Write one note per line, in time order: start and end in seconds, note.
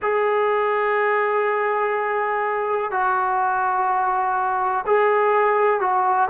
0.02 2.91 G#4
2.91 4.84 F#4
4.86 5.80 G#4
5.80 6.29 F#4